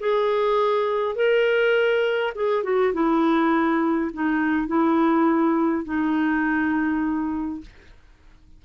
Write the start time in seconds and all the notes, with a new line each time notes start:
0.00 G#4
1.16 A#4
2.35 G#4
2.64 F#4
2.93 E4
4.14 D#4
4.67 E4
5.84 D#4